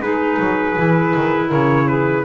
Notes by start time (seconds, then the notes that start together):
0.00 G#3 D#4 G#4 B4
0.39 F#3
0.77 E3 E4
1.15 D#3
1.47 C#3 A#4 C#5
1.87 G#4 B4